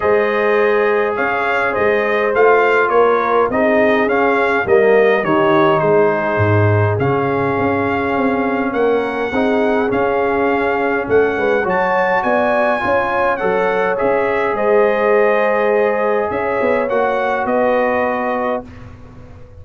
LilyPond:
<<
  \new Staff \with { instrumentName = "trumpet" } { \time 4/4 \tempo 4 = 103 dis''2 f''4 dis''4 | f''4 cis''4 dis''4 f''4 | dis''4 cis''4 c''2 | f''2. fis''4~ |
fis''4 f''2 fis''4 | a''4 gis''2 fis''4 | e''4 dis''2. | e''4 fis''4 dis''2 | }
  \new Staff \with { instrumentName = "horn" } { \time 4/4 c''2 cis''4 c''4~ | c''4 ais'4 gis'2 | ais'4 g'4 gis'2~ | gis'2. ais'4 |
gis'2. a'8 b'8 | cis''4 d''4 cis''2~ | cis''4 c''2. | cis''2 b'2 | }
  \new Staff \with { instrumentName = "trombone" } { \time 4/4 gis'1 | f'2 dis'4 cis'4 | ais4 dis'2. | cis'1 |
dis'4 cis'2. | fis'2 f'4 a'4 | gis'1~ | gis'4 fis'2. | }
  \new Staff \with { instrumentName = "tuba" } { \time 4/4 gis2 cis'4 gis4 | a4 ais4 c'4 cis'4 | g4 dis4 gis4 gis,4 | cis4 cis'4 c'4 ais4 |
c'4 cis'2 a8 gis8 | fis4 b4 cis'4 fis4 | cis'4 gis2. | cis'8 b8 ais4 b2 | }
>>